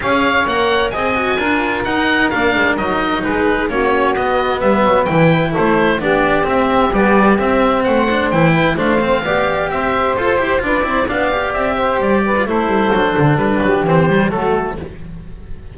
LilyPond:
<<
  \new Staff \with { instrumentName = "oboe" } { \time 4/4 \tempo 4 = 130 f''4 fis''4 gis''2 | fis''4 f''4 dis''4 b'4 | cis''4 dis''4 e''4 g''4 | c''4 d''4 e''4 d''4 |
e''4 fis''4 g''4 f''4~ | f''4 e''4 c''4 d''4 | f''4 e''4 d''4 c''4~ | c''4 b'4 c''4 a'4 | }
  \new Staff \with { instrumentName = "saxophone" } { \time 4/4 cis''2 dis''4 ais'4~ | ais'2. gis'4 | fis'2 b'2 | a'4 g'2.~ |
g'4 c''4. b'8 c''4 | d''4 c''2 b'8 c''8 | d''4. c''4 b'8 a'4~ | a'4. g'4. fis'4 | }
  \new Staff \with { instrumentName = "cello" } { \time 4/4 gis'4 ais'4 gis'8 fis'8 f'4 | dis'4 d'4 dis'2 | cis'4 b2 e'4~ | e'4 d'4 c'4 g4 |
c'4. d'8 e'4 d'8 c'8 | g'2 a'8 g'8 f'8 e'8 | d'8 g'2~ g'16 f'16 e'4 | d'2 c'8 g8 a4 | }
  \new Staff \with { instrumentName = "double bass" } { \time 4/4 cis'4 ais4 c'4 d'4 | dis'4 ais8 gis8 fis4 gis4 | ais4 b4 g8 fis8 e4 | a4 b4 c'4 b4 |
c'4 a4 e4 a4 | b4 c'4 f'8 e'8 d'8 c'8 | b4 c'4 g4 a8 g8 | fis8 d8 g8 fis8 e4 fis4 | }
>>